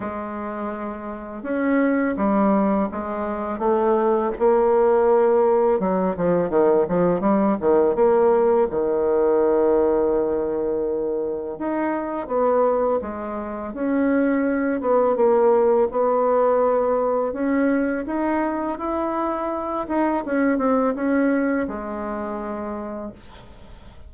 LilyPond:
\new Staff \with { instrumentName = "bassoon" } { \time 4/4 \tempo 4 = 83 gis2 cis'4 g4 | gis4 a4 ais2 | fis8 f8 dis8 f8 g8 dis8 ais4 | dis1 |
dis'4 b4 gis4 cis'4~ | cis'8 b8 ais4 b2 | cis'4 dis'4 e'4. dis'8 | cis'8 c'8 cis'4 gis2 | }